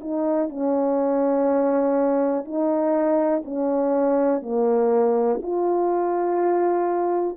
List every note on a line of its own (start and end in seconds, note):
0.00 0.49 D#4
0.49 2.45 C#4
2.45 3.43 D#4
3.44 4.42 C#4
4.42 5.40 A#3
5.42 7.37 F4